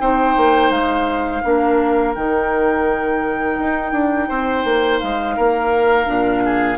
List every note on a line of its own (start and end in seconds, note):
0.00 0.36 C4
0.00 1.43 D#4
0.00 1.43 C5
0.00 0.71 G5
0.37 0.71 A#3
0.71 1.42 G#3
0.71 2.14 F5
1.43 2.16 A#3
1.43 2.15 D4
1.43 4.28 A#4
2.15 3.58 D#3
2.15 6.06 D#4
2.15 5.00 G5
3.59 3.92 D#4
3.92 4.28 D4
4.28 4.64 C4
4.28 5.36 C5
4.64 5.00 A#3
5.00 5.38 G#3
5.00 6.78 F5
5.36 6.08 A#3
5.36 6.44 A#4
6.06 6.78 A#2
6.06 6.77 D4
6.45 6.78 G#4